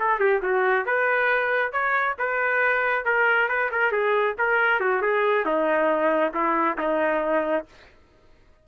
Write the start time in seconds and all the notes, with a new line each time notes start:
0.00 A4
0.20 G4
0.42 F#4
0.86 B4
1.73 C#5
2.19 B4
3.06 A#4
3.49 B4
3.72 A#4
3.92 G#4
4.38 A#4
4.81 F#4
5.02 G#4
5.46 D#4
6.34 E4
6.78 D#4